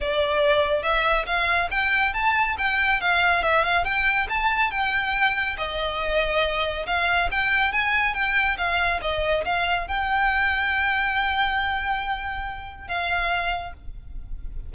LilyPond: \new Staff \with { instrumentName = "violin" } { \time 4/4 \tempo 4 = 140 d''2 e''4 f''4 | g''4 a''4 g''4 f''4 | e''8 f''8 g''4 a''4 g''4~ | g''4 dis''2. |
f''4 g''4 gis''4 g''4 | f''4 dis''4 f''4 g''4~ | g''1~ | g''2 f''2 | }